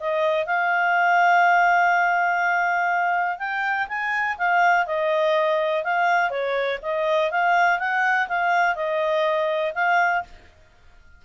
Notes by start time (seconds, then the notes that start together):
0.00 D#5
0.46 F5
3.38 G5
3.88 G#5
4.38 F5
4.86 D#5
5.84 F5
6.30 C#5
6.82 D#5
7.31 F5
7.79 F#5
8.28 F5
8.75 D#5
9.74 F5